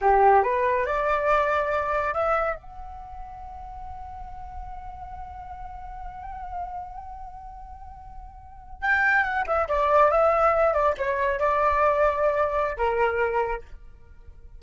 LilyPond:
\new Staff \with { instrumentName = "flute" } { \time 4/4 \tempo 4 = 141 g'4 b'4 d''2~ | d''4 e''4 fis''2~ | fis''1~ | fis''1~ |
fis''1~ | fis''8. g''4 fis''8 e''8 d''4 e''16~ | e''4~ e''16 d''8 cis''4 d''4~ d''16~ | d''2 ais'2 | }